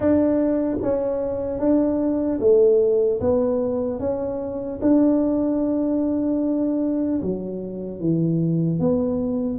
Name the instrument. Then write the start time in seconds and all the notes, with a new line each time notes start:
tuba
0.00 D4
0.82 C#4
1.59 D4
2.40 A3
3.20 B3
3.99 C#4
4.81 D4
7.21 F#3
8.00 E3
8.79 B3